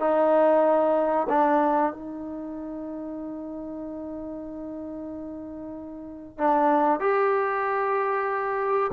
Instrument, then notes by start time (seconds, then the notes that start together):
trombone
0.00 D#4
1.29 D4
1.93 D#4
6.38 D4
7.00 G4